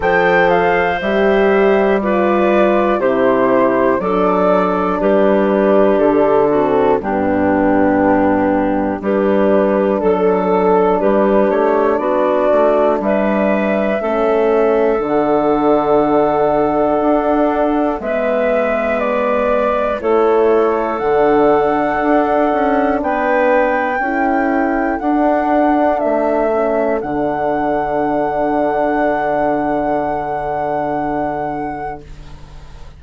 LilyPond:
<<
  \new Staff \with { instrumentName = "flute" } { \time 4/4 \tempo 4 = 60 g''8 f''8 e''4 d''4 c''4 | d''4 b'4 a'4 g'4~ | g'4 b'4 a'4 b'8 cis''8 | d''4 e''2 fis''4~ |
fis''2 e''4 d''4 | cis''4 fis''2 g''4~ | g''4 fis''4 e''4 fis''4~ | fis''1 | }
  \new Staff \with { instrumentName = "clarinet" } { \time 4/4 c''2 b'4 g'4 | a'4 g'4. fis'8 d'4~ | d'4 g'4 a'4 g'4 | fis'4 b'4 a'2~ |
a'2 b'2 | a'2. b'4 | a'1~ | a'1 | }
  \new Staff \with { instrumentName = "horn" } { \time 4/4 a'4 g'4 f'4 e'4 | d'2~ d'8 c'8 b4~ | b4 d'2.~ | d'2 cis'4 d'4~ |
d'2 b2 | e'4 d'2. | e'4 d'4. cis'8 d'4~ | d'1 | }
  \new Staff \with { instrumentName = "bassoon" } { \time 4/4 f4 g2 c4 | fis4 g4 d4 g,4~ | g,4 g4 fis4 g8 a8 | b8 a8 g4 a4 d4~ |
d4 d'4 gis2 | a4 d4 d'8 cis'8 b4 | cis'4 d'4 a4 d4~ | d1 | }
>>